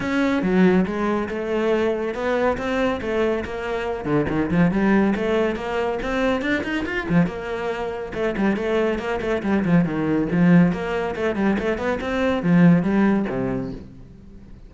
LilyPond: \new Staff \with { instrumentName = "cello" } { \time 4/4 \tempo 4 = 140 cis'4 fis4 gis4 a4~ | a4 b4 c'4 a4 | ais4. d8 dis8 f8 g4 | a4 ais4 c'4 d'8 dis'8 |
f'8 f8 ais2 a8 g8 | a4 ais8 a8 g8 f8 dis4 | f4 ais4 a8 g8 a8 b8 | c'4 f4 g4 c4 | }